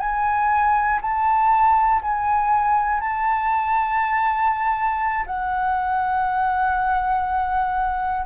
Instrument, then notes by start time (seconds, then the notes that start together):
flute
0.00 G#5
1.01 A5
2.02 G#5
3.00 A5
5.26 F#5